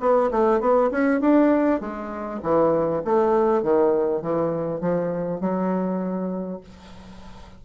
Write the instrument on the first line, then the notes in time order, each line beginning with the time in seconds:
bassoon
0.00 B3
0.31 A3
0.60 B3
0.91 C#4
1.21 D4
1.81 G#3
2.42 E3
3.05 A3
3.62 D#3
4.22 E3
4.80 F3
5.41 F#3